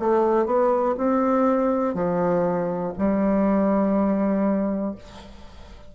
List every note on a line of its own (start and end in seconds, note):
0.00 0.46 A3
0.46 0.96 B3
0.98 1.94 C4
1.94 2.93 F3
2.99 4.95 G3